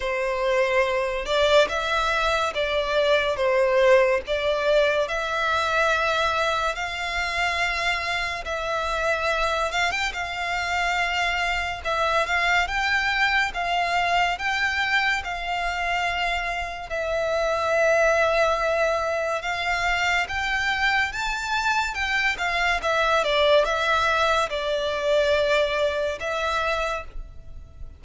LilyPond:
\new Staff \with { instrumentName = "violin" } { \time 4/4 \tempo 4 = 71 c''4. d''8 e''4 d''4 | c''4 d''4 e''2 | f''2 e''4. f''16 g''16 | f''2 e''8 f''8 g''4 |
f''4 g''4 f''2 | e''2. f''4 | g''4 a''4 g''8 f''8 e''8 d''8 | e''4 d''2 e''4 | }